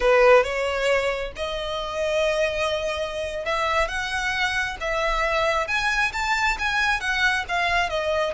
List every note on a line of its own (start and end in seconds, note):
0.00 0.43 B4
0.43 1.32 C#5
1.36 3.45 D#5
3.45 3.88 E5
3.88 4.77 F#5
4.80 5.67 E5
5.67 6.12 G#5
6.13 6.57 A5
6.58 7.00 G#5
7.00 7.44 F#5
7.48 7.89 F5
7.89 8.33 D#5